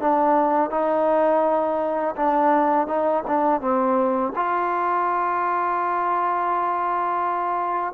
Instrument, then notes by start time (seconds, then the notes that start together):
trombone
0.00 D4
0.70 D#4
2.16 D4
2.87 D#4
3.27 D4
3.60 C4
4.35 F4